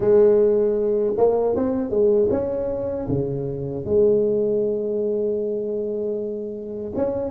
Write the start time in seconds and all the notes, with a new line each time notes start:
0.00 G#3
1.17 A#3
1.55 C4
1.90 G#3
2.30 C#4
3.08 C#3
3.85 G#3
6.95 C#4